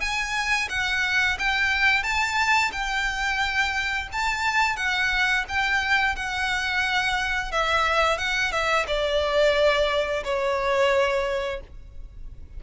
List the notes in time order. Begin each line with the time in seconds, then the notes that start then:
0.00 G#5
0.69 F#5
1.39 G5
2.03 A5
2.72 G5
4.12 A5
4.76 F#5
5.48 G5
6.15 F#5
7.51 E5
8.18 F#5
8.52 E5
8.87 D5
10.24 C#5